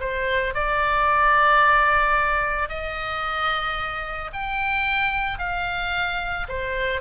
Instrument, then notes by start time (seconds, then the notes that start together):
oboe
0.00 C5
0.54 D5
2.69 D#5
4.32 G5
5.39 F5
6.48 C5